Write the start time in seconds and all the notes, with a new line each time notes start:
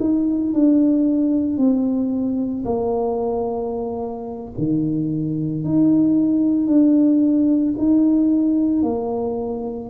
0.00 D#4
0.54 D4
1.58 C4
2.65 A#3
4.58 D#3
5.65 D#4
6.67 D4
7.78 D#4
8.83 A#3